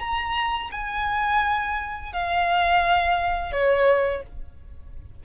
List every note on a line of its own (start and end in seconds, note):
0.00 0.71 A#5
0.72 2.13 G#5
2.13 3.53 F5
3.53 4.23 C#5